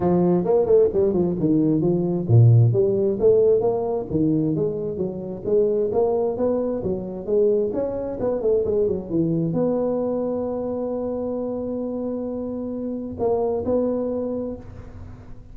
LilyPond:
\new Staff \with { instrumentName = "tuba" } { \time 4/4 \tempo 4 = 132 f4 ais8 a8 g8 f8 dis4 | f4 ais,4 g4 a4 | ais4 dis4 gis4 fis4 | gis4 ais4 b4 fis4 |
gis4 cis'4 b8 a8 gis8 fis8 | e4 b2.~ | b1~ | b4 ais4 b2 | }